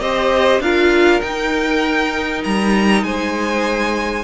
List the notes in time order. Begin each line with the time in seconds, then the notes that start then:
0.00 C4 G4 C5 D#5
0.59 D4 F4 A#4 F5
1.20 D#4 G5
2.44 G3 A#5
3.03 G#3 C5 G#5